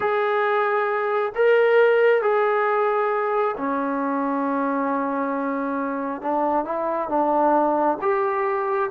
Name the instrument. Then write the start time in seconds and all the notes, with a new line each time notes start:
trombone
0.00 G#4
1.35 A#4
2.22 G#4
3.57 C#4
6.21 D4
6.64 E4
7.08 D4
8.01 G4